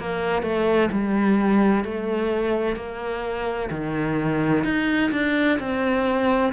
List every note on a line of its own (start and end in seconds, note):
0.00 0.43 A#3
0.43 0.90 A3
0.92 1.85 G3
1.85 2.77 A3
2.77 3.70 A#3
3.71 4.64 D#3
4.65 5.12 D#4
5.12 5.59 D4
5.60 6.53 C4